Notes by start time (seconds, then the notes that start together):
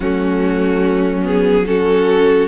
0.00 F#3 A3 C#4 F#4
1.22 B3 G#4
1.65 C#4 F#4 A4